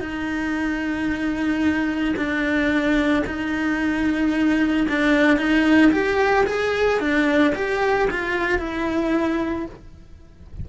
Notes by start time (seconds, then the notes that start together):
0.00 D#4
2.16 D4
3.26 D#4
4.88 D4
5.38 D#4
5.91 G4
6.46 G#4
6.99 D4
7.55 G4
8.10 F4
8.58 E4